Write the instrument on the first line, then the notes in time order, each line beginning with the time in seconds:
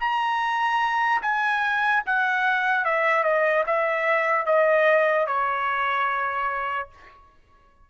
trumpet
0.00 A#5
1.22 G#5
2.06 F#5
2.85 E5
3.24 D#5
3.67 E5
4.46 D#5
5.27 C#5